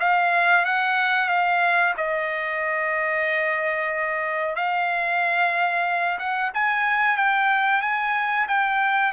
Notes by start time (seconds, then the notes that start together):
0.00 F5
0.65 F#5
1.29 F5
1.97 D#5
4.56 F5
6.19 F#5
6.54 G#5
7.17 G5
7.82 G#5
8.48 G5